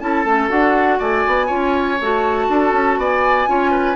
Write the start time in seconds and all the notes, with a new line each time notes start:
0.00 C#4 E4 A4 A5
0.25 A3 C#4
0.49 D4 F#4 F#5
0.99 A3 D5 G#5
1.27 B3
1.47 C#4 F4 C#5
2.01 A3 F#4 A5
2.49 D4 A4
2.73 C#4
2.98 B3 D5 G#5
3.47 C#4 F4 C#5
3.71 B4